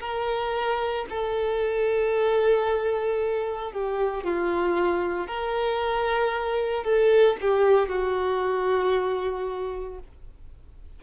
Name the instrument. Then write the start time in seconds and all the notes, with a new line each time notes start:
violin
0.00 A#4
1.10 A4
3.72 G4
4.24 F4
5.27 A#4
6.84 A4
7.41 G4
7.89 F#4